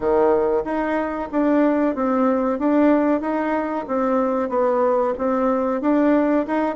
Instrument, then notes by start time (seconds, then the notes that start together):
bassoon
0.00 D#3
0.64 D#4
1.31 D4
1.95 C4
2.58 D4
3.21 D#4
3.87 C4
4.49 B3
5.18 C4
5.81 D4
6.47 D#4